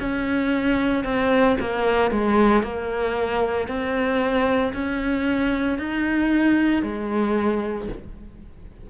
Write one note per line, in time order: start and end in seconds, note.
0.00 1.04 C#4
1.04 1.57 C4
1.60 2.11 A#3
2.11 2.63 G#3
2.63 3.68 A#3
3.68 4.73 C4
4.74 5.78 C#4
5.78 6.83 D#4
6.83 7.88 G#3